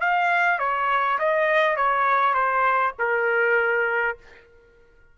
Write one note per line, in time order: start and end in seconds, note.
0.00 0.59 F5
0.59 1.18 C#5
1.18 1.76 D#5
1.76 2.34 C#5
2.34 2.93 C5
2.98 4.17 A#4